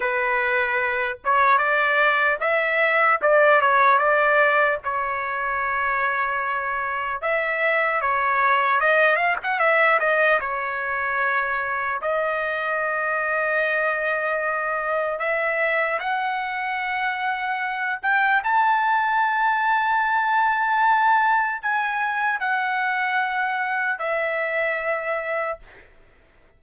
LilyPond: \new Staff \with { instrumentName = "trumpet" } { \time 4/4 \tempo 4 = 75 b'4. cis''8 d''4 e''4 | d''8 cis''8 d''4 cis''2~ | cis''4 e''4 cis''4 dis''8 f''16 fis''16 | e''8 dis''8 cis''2 dis''4~ |
dis''2. e''4 | fis''2~ fis''8 g''8 a''4~ | a''2. gis''4 | fis''2 e''2 | }